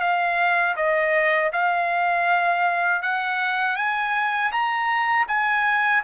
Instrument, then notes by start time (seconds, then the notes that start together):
trumpet
0.00 F5
0.76 D#5
1.52 F5
3.02 F#5
3.76 G#5
4.51 A#5
5.27 G#5